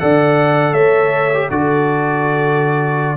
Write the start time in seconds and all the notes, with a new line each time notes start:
0.00 D3 A4 D5 F#5
0.73 A3 C#5 E5
1.34 G4
1.51 D3 F#4 A4 D5